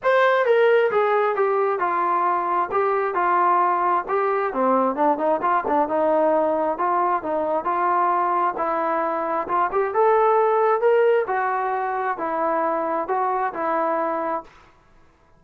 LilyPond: \new Staff \with { instrumentName = "trombone" } { \time 4/4 \tempo 4 = 133 c''4 ais'4 gis'4 g'4 | f'2 g'4 f'4~ | f'4 g'4 c'4 d'8 dis'8 | f'8 d'8 dis'2 f'4 |
dis'4 f'2 e'4~ | e'4 f'8 g'8 a'2 | ais'4 fis'2 e'4~ | e'4 fis'4 e'2 | }